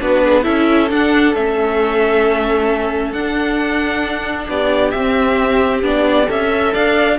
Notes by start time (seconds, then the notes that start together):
0.00 B3 D4 F#4 B4
0.24 G#4
0.43 C#4 E4 A4 E5
0.90 D4 F#5
1.35 A3 C#4 E5
3.12 D4 F#5
4.48 B3 G4 D5
4.91 C4 E5
5.83 B3 D4 D5
6.26 C#4 A4 E5
6.49 E5
6.73 D4 D5 F5